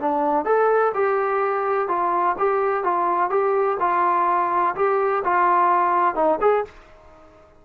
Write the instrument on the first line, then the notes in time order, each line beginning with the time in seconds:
trombone
0.00 D4
0.45 A4
0.94 G4
1.89 F4
2.39 G4
2.84 F4
3.30 G4
3.80 F4
4.75 G4
5.24 F4
6.15 D#4
6.41 G#4